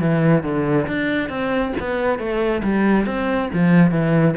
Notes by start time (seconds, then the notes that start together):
0.00 E3
0.43 D3
0.87 D4
1.29 C4
1.79 B3
2.18 A3
2.63 G3
3.06 C4
3.53 F3
3.91 E3